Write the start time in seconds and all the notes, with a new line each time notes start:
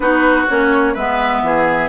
0.00 B3 D#4 F#4 B4
0.48 A#3 C#4 C#5
0.93 G#3 B3 B4 E5
1.41 E3 G#4